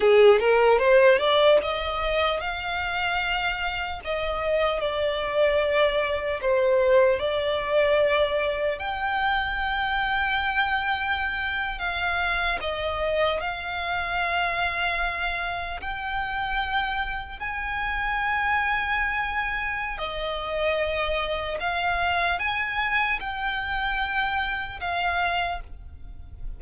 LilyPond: \new Staff \with { instrumentName = "violin" } { \time 4/4 \tempo 4 = 75 gis'8 ais'8 c''8 d''8 dis''4 f''4~ | f''4 dis''4 d''2 | c''4 d''2 g''4~ | g''2~ g''8. f''4 dis''16~ |
dis''8. f''2. g''16~ | g''4.~ g''16 gis''2~ gis''16~ | gis''4 dis''2 f''4 | gis''4 g''2 f''4 | }